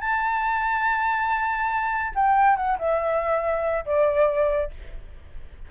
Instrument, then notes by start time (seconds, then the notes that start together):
flute
0.00 A5
2.15 G5
2.56 F#5
2.78 E5
3.85 D5